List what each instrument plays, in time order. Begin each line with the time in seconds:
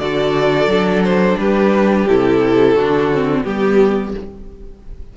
0.00 cello D3, viola F#4, violin A4 D5
0.67 cello F#3, viola D4
1.04 violin C5
1.38 cello G3, violin G4 B4
2.08 cello C3, viola E4, violin A4
2.75 cello D3, viola D4, violin F#4
3.12 viola C4
3.43 cello G3, viola B3, violin G4